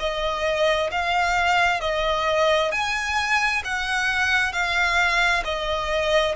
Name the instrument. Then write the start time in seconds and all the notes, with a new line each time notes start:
violin
0.00 D#5
0.91 F5
1.81 D#5
2.72 G#5
3.65 F#5
4.52 F5
5.45 D#5